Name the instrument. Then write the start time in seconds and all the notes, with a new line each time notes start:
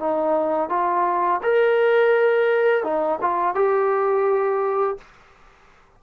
trombone
0.00 D#4
0.70 F4
1.43 A#4
2.84 D#4
3.21 F4
3.55 G4